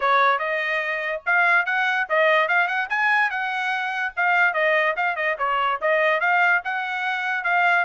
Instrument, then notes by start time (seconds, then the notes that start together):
trumpet
0.00 C#5
0.39 D#5
1.26 F5
1.65 F#5
2.09 D#5
2.48 F5
2.67 F#5
2.89 G#5
3.30 F#5
4.16 F5
4.53 D#5
4.96 F5
5.15 D#5
5.38 C#5
5.81 D#5
6.20 F5
6.64 F#5
7.44 F5